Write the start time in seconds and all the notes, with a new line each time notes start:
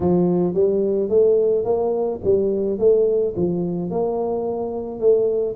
0.00 F3
0.54 G3
1.09 A3
1.64 A#3
2.24 G3
2.79 A3
3.36 F3
3.90 A#3
5.00 A3